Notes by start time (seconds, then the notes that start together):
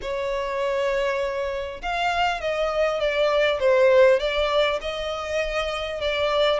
0.01 C#5
1.81 F5
2.40 D#5
3.00 D5
3.59 C5
4.19 D5
4.81 D#5
6.00 D5